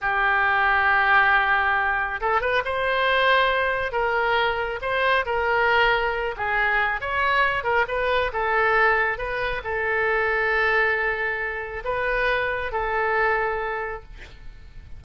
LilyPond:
\new Staff \with { instrumentName = "oboe" } { \time 4/4 \tempo 4 = 137 g'1~ | g'4 a'8 b'8 c''2~ | c''4 ais'2 c''4 | ais'2~ ais'8 gis'4. |
cis''4. ais'8 b'4 a'4~ | a'4 b'4 a'2~ | a'2. b'4~ | b'4 a'2. | }